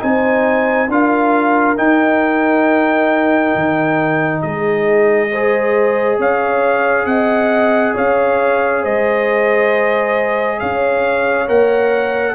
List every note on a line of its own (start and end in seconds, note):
0.00 0.89 C4
0.00 0.88 D#4
0.00 0.91 C5
0.00 0.91 G#5
0.89 1.77 D4
0.89 1.77 F4
0.89 4.43 A#4
0.89 1.78 F5
1.77 5.30 D#4
1.77 3.55 D#4
1.77 4.42 G5
3.55 4.44 D#3
4.42 6.19 G#3
4.42 5.31 G#4
4.42 6.19 D#5
5.32 11.48 G#4
5.32 6.19 C5
6.19 7.06 C#4
6.19 7.07 C#5
6.19 7.06 F5
7.06 7.94 C4
7.06 7.95 D#5
7.06 7.94 F#5
7.95 8.85 C#4
7.95 8.83 C#5
7.95 8.85 F5
8.83 10.62 G#3
8.83 10.59 C5
8.83 10.60 D#5
10.60 11.49 C#4
10.60 12.35 C#5
10.60 11.48 F5
11.48 12.35 A#3
11.48 12.35 A#4
11.48 12.35 F#5